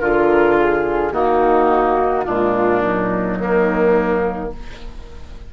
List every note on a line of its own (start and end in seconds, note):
0.00 1.12 D3
0.00 1.13 F4
0.00 1.11 F4
0.00 0.57 A#4
0.59 1.13 G#4
1.11 2.25 D#3
1.11 2.25 A#3
1.11 2.25 D#4
1.11 2.25 F#4
2.25 3.39 A#2
2.25 2.81 G#3
2.25 3.38 D4
2.25 2.82 F4
2.81 4.51 F#3
2.81 4.52 D#4
3.39 4.52 D#3
3.39 4.53 A#3